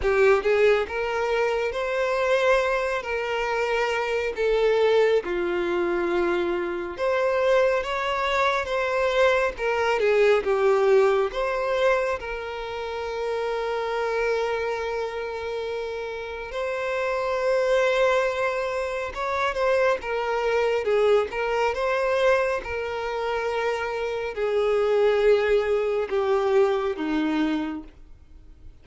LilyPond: \new Staff \with { instrumentName = "violin" } { \time 4/4 \tempo 4 = 69 g'8 gis'8 ais'4 c''4. ais'8~ | ais'4 a'4 f'2 | c''4 cis''4 c''4 ais'8 gis'8 | g'4 c''4 ais'2~ |
ais'2. c''4~ | c''2 cis''8 c''8 ais'4 | gis'8 ais'8 c''4 ais'2 | gis'2 g'4 dis'4 | }